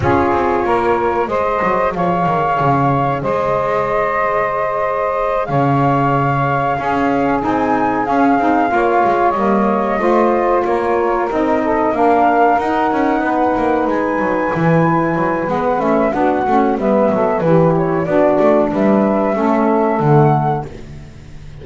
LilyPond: <<
  \new Staff \with { instrumentName = "flute" } { \time 4/4 \tempo 4 = 93 cis''2 dis''4 f''4~ | f''4 dis''2.~ | dis''8 f''2. gis''8~ | gis''8 f''2 dis''4.~ |
dis''8 cis''4 dis''4 f''4 fis''8~ | fis''4. gis''2~ gis''8 | fis''8 e''8 fis''4 e''4 b'8 cis''8 | d''4 e''2 fis''4 | }
  \new Staff \with { instrumentName = "saxophone" } { \time 4/4 gis'4 ais'4 c''4 cis''4~ | cis''4 c''2.~ | c''8 cis''2 gis'4.~ | gis'4. cis''2 c''8~ |
c''8 ais'4. a'8 ais'4.~ | ais'8 b'2.~ b'8~ | b'4 fis'4 b'8 a'8 g'4 | fis'4 b'4 a'2 | }
  \new Staff \with { instrumentName = "saxophone" } { \time 4/4 f'2 gis'2~ | gis'1~ | gis'2~ gis'8 cis'4 dis'8~ | dis'8 cis'8 dis'8 f'4 ais4 f'8~ |
f'4. dis'4 d'4 dis'8~ | dis'2~ dis'8 e'4. | b8 cis'8 d'8 cis'8 b4 e'4 | d'2 cis'4 a4 | }
  \new Staff \with { instrumentName = "double bass" } { \time 4/4 cis'8 c'8 ais4 gis8 fis8 f8 dis8 | cis4 gis2.~ | gis8 cis2 cis'4 c'8~ | c'8 cis'8 c'8 ais8 gis8 g4 a8~ |
a8 ais4 c'4 ais4 dis'8 | cis'8 b8 ais8 gis8 fis8 e4 fis8 | gis8 a8 b8 a8 g8 fis8 e4 | b8 a8 g4 a4 d4 | }
>>